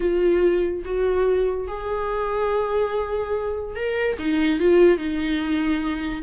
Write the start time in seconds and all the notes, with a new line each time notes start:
0.00 F4
0.84 F#4
1.67 G#4
3.75 A#4
4.18 D#4
4.59 F4
4.97 D#4